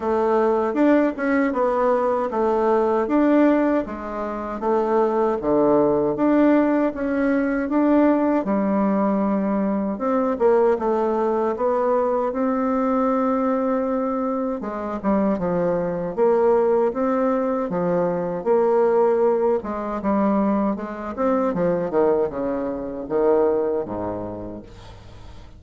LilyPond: \new Staff \with { instrumentName = "bassoon" } { \time 4/4 \tempo 4 = 78 a4 d'8 cis'8 b4 a4 | d'4 gis4 a4 d4 | d'4 cis'4 d'4 g4~ | g4 c'8 ais8 a4 b4 |
c'2. gis8 g8 | f4 ais4 c'4 f4 | ais4. gis8 g4 gis8 c'8 | f8 dis8 cis4 dis4 gis,4 | }